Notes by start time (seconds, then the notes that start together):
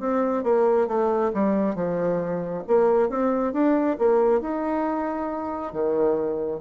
0.00 C4
0.44 A#3
0.87 A3
1.34 G3
1.75 F3
2.68 A#3
3.09 C4
3.53 D4
3.99 A#3
4.41 D#4
5.73 D#3